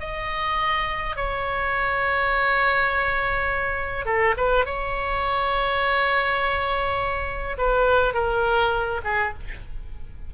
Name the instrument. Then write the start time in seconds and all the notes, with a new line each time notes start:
oboe
0.00 D#5
1.17 C#5
4.06 A4
4.37 B4
4.66 C#5
7.58 B4
8.14 A#4
9.05 G#4